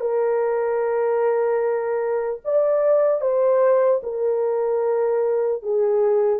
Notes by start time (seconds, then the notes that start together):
0.00 A#4
2.44 D5
3.21 C5
4.03 A#4
5.62 G#4